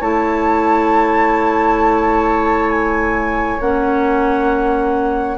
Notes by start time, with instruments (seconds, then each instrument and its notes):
0.00 bassoon A3, clarinet E4, oboe C#5, flute A5
2.71 flute G#5
3.60 bassoon A#3, clarinet C#4, flute F#5